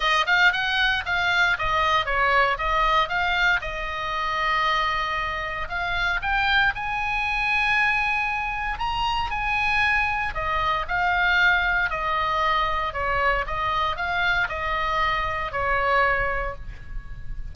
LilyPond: \new Staff \with { instrumentName = "oboe" } { \time 4/4 \tempo 4 = 116 dis''8 f''8 fis''4 f''4 dis''4 | cis''4 dis''4 f''4 dis''4~ | dis''2. f''4 | g''4 gis''2.~ |
gis''4 ais''4 gis''2 | dis''4 f''2 dis''4~ | dis''4 cis''4 dis''4 f''4 | dis''2 cis''2 | }